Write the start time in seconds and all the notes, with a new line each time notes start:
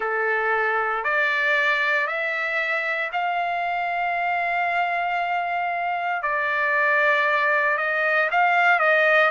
0.00 A4
1.03 D5
2.07 E5
3.12 F5
6.22 D5
7.77 D#5
8.30 F5
8.79 D#5